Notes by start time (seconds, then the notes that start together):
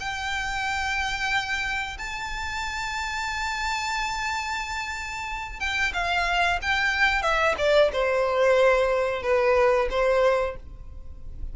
0.00 G5
1.98 A5
5.60 G5
5.94 F5
6.62 G5
7.22 E5
7.58 D5
7.93 C5
9.23 B4
9.91 C5